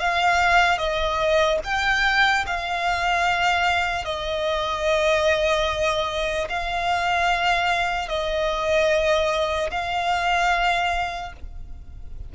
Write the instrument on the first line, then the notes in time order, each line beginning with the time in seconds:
violin
0.00 F5
0.78 D#5
1.64 G5
2.47 F5
4.05 D#5
6.49 F5
8.09 D#5
9.71 F5